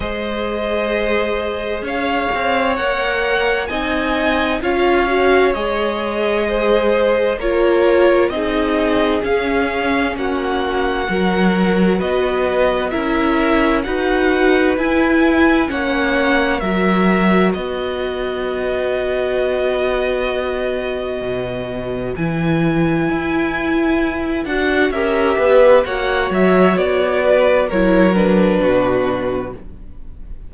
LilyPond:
<<
  \new Staff \with { instrumentName = "violin" } { \time 4/4 \tempo 4 = 65 dis''2 f''4 fis''4 | gis''4 f''4 dis''2 | cis''4 dis''4 f''4 fis''4~ | fis''4 dis''4 e''4 fis''4 |
gis''4 fis''4 e''4 dis''4~ | dis''1 | gis''2~ gis''8 fis''8 e''4 | fis''8 e''8 d''4 cis''8 b'4. | }
  \new Staff \with { instrumentName = "violin" } { \time 4/4 c''2 cis''2 | dis''4 cis''2 c''4 | ais'4 gis'2 fis'4 | ais'4 b'4 ais'4 b'4~ |
b'4 cis''4 ais'4 b'4~ | b'1~ | b'2. ais'8 b'8 | cis''4. b'8 ais'4 fis'4 | }
  \new Staff \with { instrumentName = "viola" } { \time 4/4 gis'2. ais'4 | dis'4 f'8 fis'8 gis'2 | f'4 dis'4 cis'2 | fis'2 e'4 fis'4 |
e'4 cis'4 fis'2~ | fis'1 | e'2~ e'8 fis'8 g'4 | fis'2 e'8 d'4. | }
  \new Staff \with { instrumentName = "cello" } { \time 4/4 gis2 cis'8 c'8 ais4 | c'4 cis'4 gis2 | ais4 c'4 cis'4 ais4 | fis4 b4 cis'4 dis'4 |
e'4 ais4 fis4 b4~ | b2. b,4 | e4 e'4. d'8 cis'8 b8 | ais8 fis8 b4 fis4 b,4 | }
>>